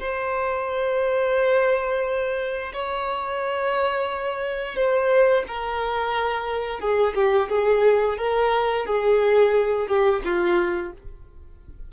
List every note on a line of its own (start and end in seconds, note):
0.00 2.73 C5
2.73 4.76 C#5
4.76 5.44 C5
5.48 6.80 A#4
6.80 7.14 G#4
7.15 7.49 G4
7.50 8.18 G#4
8.18 8.86 A#4
8.86 9.88 G#4
9.88 10.22 G4
10.25 10.93 F4